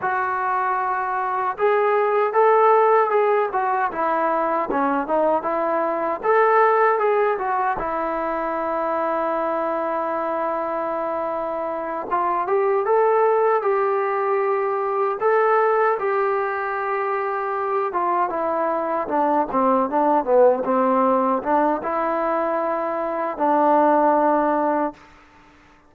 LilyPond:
\new Staff \with { instrumentName = "trombone" } { \time 4/4 \tempo 4 = 77 fis'2 gis'4 a'4 | gis'8 fis'8 e'4 cis'8 dis'8 e'4 | a'4 gis'8 fis'8 e'2~ | e'2.~ e'8 f'8 |
g'8 a'4 g'2 a'8~ | a'8 g'2~ g'8 f'8 e'8~ | e'8 d'8 c'8 d'8 b8 c'4 d'8 | e'2 d'2 | }